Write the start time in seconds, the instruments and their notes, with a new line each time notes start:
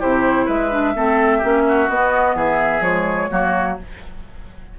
0.00 bassoon C3, clarinet E4, oboe G4, flute C5
0.46 bassoon G#3, oboe B4, flute E5
0.71 clarinet D4
0.95 bassoon A3, clarinet C4, oboe A4
1.38 bassoon A#3, clarinet C#4, oboe G4
1.69 oboe F#4
1.89 bassoon B3, clarinet B3, flute D#5
2.35 bassoon E3, oboe G#4, flute E5
2.81 bassoon F3, clarinet G#3, flute C#5
3.31 bassoon F#3, clarinet A#3, oboe F#4